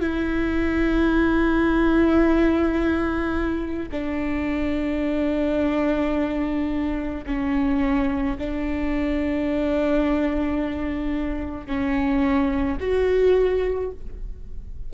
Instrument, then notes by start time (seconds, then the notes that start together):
viola
0.00 E4
3.91 D4
7.26 C#4
8.38 D4
11.67 C#4
12.80 F#4